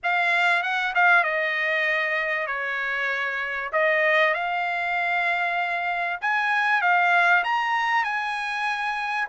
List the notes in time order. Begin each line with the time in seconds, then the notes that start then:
0.03 F5
0.62 F#5
0.94 F5
1.23 D#5
2.47 C#5
3.72 D#5
4.34 F5
6.21 G#5
6.81 F5
7.43 A#5
8.04 G#5